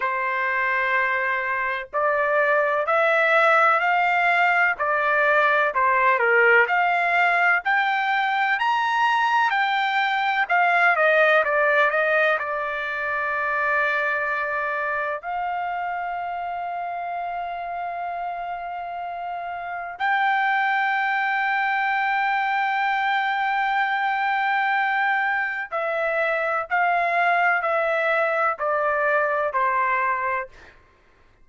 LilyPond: \new Staff \with { instrumentName = "trumpet" } { \time 4/4 \tempo 4 = 63 c''2 d''4 e''4 | f''4 d''4 c''8 ais'8 f''4 | g''4 ais''4 g''4 f''8 dis''8 | d''8 dis''8 d''2. |
f''1~ | f''4 g''2.~ | g''2. e''4 | f''4 e''4 d''4 c''4 | }